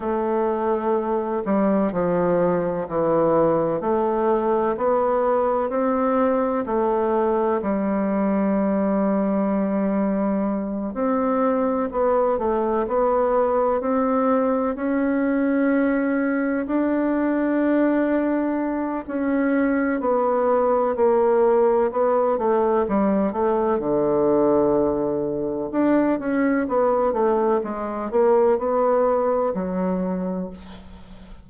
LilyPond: \new Staff \with { instrumentName = "bassoon" } { \time 4/4 \tempo 4 = 63 a4. g8 f4 e4 | a4 b4 c'4 a4 | g2.~ g8 c'8~ | c'8 b8 a8 b4 c'4 cis'8~ |
cis'4. d'2~ d'8 | cis'4 b4 ais4 b8 a8 | g8 a8 d2 d'8 cis'8 | b8 a8 gis8 ais8 b4 fis4 | }